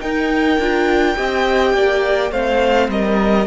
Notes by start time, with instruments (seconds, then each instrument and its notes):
0.00 viola D#4, cello D#4, violin A#4 G5
0.57 cello D4, viola F4
1.16 cello C4, viola G4, violin D#5
1.74 cello A#3, violin D5
2.31 cello A3, viola C4, violin C5 F5
2.88 cello G3, violin A#4 D#5